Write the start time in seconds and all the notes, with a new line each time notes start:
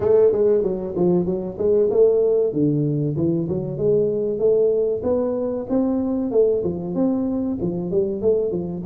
0.00 A3
0.32 G#3
0.63 F#3
0.96 F3
1.25 F#3
1.58 G#3
1.90 A3
2.53 D3
3.16 E3
3.49 F#3
3.77 G#3
4.38 A3
5.03 B3
5.69 C4
6.31 A3
6.63 F3
6.94 C4
7.61 F3
7.90 G3
8.21 A3
8.51 F3